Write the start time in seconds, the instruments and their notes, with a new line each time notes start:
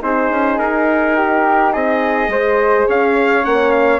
0.00 bassoon C4, horn D#4, flute G#4, trumpet C5
0.30 bassoon C#4
0.58 bassoon D#4, trumpet A#4
1.17 flute G4
1.72 bassoon C4, flute G#4, trumpet D#5
2.28 bassoon G#3, horn G#4, flute C5
2.87 bassoon C#4, flute C#5, trumpet F5
3.43 bassoon A#3, horn C#4, trumpet F#5
3.72 trumpet F5